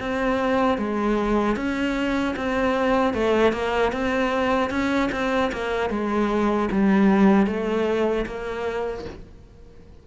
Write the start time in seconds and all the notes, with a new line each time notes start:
0.00 C4
0.78 G#3
1.56 C#4
2.36 C4
3.14 A3
3.53 A#3
3.93 C4
4.70 C#4
5.12 C4
5.53 A#3
5.90 G#3
6.72 G3
7.47 A3
8.26 A#3